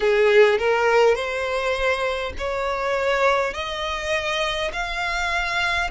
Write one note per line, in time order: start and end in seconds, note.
0.00 0.58 G#4
0.58 1.15 A#4
1.15 2.33 C5
2.38 3.53 C#5
3.53 4.71 D#5
4.73 5.90 F5